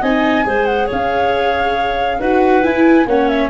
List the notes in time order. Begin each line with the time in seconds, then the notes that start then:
0.00 C4 D#4 D#5 G#5
0.44 G#3 G#4 C5
0.65 F#5
0.86 C#4 C#5 F5
2.19 D#4 F#4 B4 F#5
2.62 E4 G#5
3.06 A#3 C#4 C#5 F#5
3.28 E5